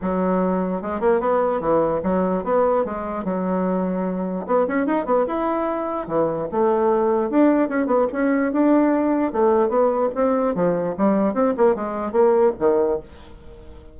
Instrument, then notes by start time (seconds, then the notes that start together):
bassoon
0.01 F#3
0.82 G#3
1.00 A#3
1.20 B3
1.60 E3
2.03 F#3
2.44 B3
2.85 G#3
3.24 F#3
4.46 B3
4.67 C#4
4.86 D#4
5.05 B3
5.26 E4
6.07 E3
6.51 A3
7.30 D4
7.68 C#4
7.86 B3
8.12 C#4
8.52 D4
9.32 A3
9.68 B3
10.14 C4
10.54 F3
10.97 G3
11.33 C4
11.57 A#3
11.75 G#3
12.11 A#3
12.59 D#3